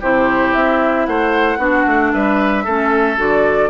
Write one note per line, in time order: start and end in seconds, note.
0.00 0.55 C3
0.00 1.59 E4
0.00 1.06 G4
0.00 0.53 C5
0.53 1.07 C4
0.53 1.06 E5
1.06 1.57 A3
1.06 1.58 C5
1.06 2.12 F#5
1.57 1.84 B3
1.57 2.65 D4
1.57 2.12 F#4
1.86 2.13 A3
2.12 2.66 G3
2.12 2.64 B4
2.12 3.18 E5
2.64 3.18 A3
2.64 3.17 C#4
2.64 3.70 A4
3.17 3.70 D3
3.17 3.70 F#4
3.17 3.70 D5